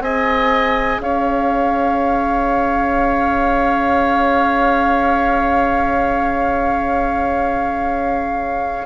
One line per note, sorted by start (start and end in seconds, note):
0.00 0.98 C4
0.00 8.86 G#4
0.00 1.01 D#5
0.00 1.00 G#5
0.99 8.86 C#4
0.99 8.86 C#5
0.99 8.86 F5